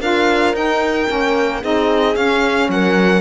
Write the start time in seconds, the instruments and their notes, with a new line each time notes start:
0.00 cello D4, saxophone F4, horn A#4, violin F5
0.53 cello D#4, saxophone D#4, violin G5
1.07 cello A#3, saxophone C#4
1.60 cello C4, saxophone D#4, horn G#4, violin D#5
2.14 saxophone C#4, cello C#4, violin F5
2.68 cello F#3, horn A#4, violin F#5